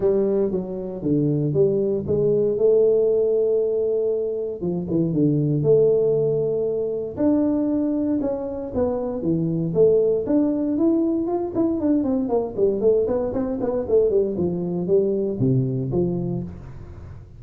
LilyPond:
\new Staff \with { instrumentName = "tuba" } { \time 4/4 \tempo 4 = 117 g4 fis4 d4 g4 | gis4 a2.~ | a4 f8 e8 d4 a4~ | a2 d'2 |
cis'4 b4 e4 a4 | d'4 e'4 f'8 e'8 d'8 c'8 | ais8 g8 a8 b8 c'8 b8 a8 g8 | f4 g4 c4 f4 | }